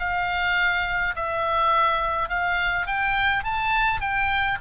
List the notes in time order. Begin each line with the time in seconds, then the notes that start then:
0.00 F5
1.16 E5
2.29 F5
2.87 G5
3.44 A5
4.01 G5